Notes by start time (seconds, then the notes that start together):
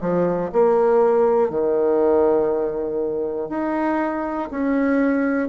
0.00 F3
0.52 A#3
1.50 D#3
3.49 D#4
4.50 C#4